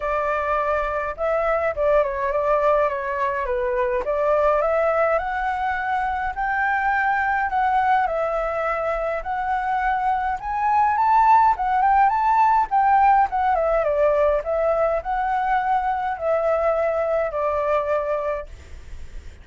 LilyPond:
\new Staff \with { instrumentName = "flute" } { \time 4/4 \tempo 4 = 104 d''2 e''4 d''8 cis''8 | d''4 cis''4 b'4 d''4 | e''4 fis''2 g''4~ | g''4 fis''4 e''2 |
fis''2 gis''4 a''4 | fis''8 g''8 a''4 g''4 fis''8 e''8 | d''4 e''4 fis''2 | e''2 d''2 | }